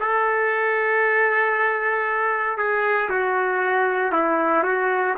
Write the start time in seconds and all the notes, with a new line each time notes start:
0.00 A4
2.58 G#4
3.10 F#4
4.12 E4
4.64 F#4